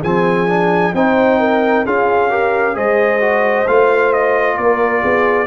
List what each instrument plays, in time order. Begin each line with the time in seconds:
0.00 tuba F3, trombone C4, horn G#4, trumpet G#5
0.48 trombone D4
0.93 tuba C4, trombone D#4, horn C5, trumpet G5
1.39 horn A#4
1.85 tuba C#4, trombone F4, horn G#4, trumpet F5
2.30 trombone G4, horn A#4
2.74 tuba G#3, trombone G#4, horn C5, trumpet D#5
3.20 trombone F#4
3.67 tuba A3, trombone F4, trumpet F5
4.12 trumpet D#5
4.57 tuba A#3, horn A#4, trumpet D5
5.01 tuba B3, horn G#4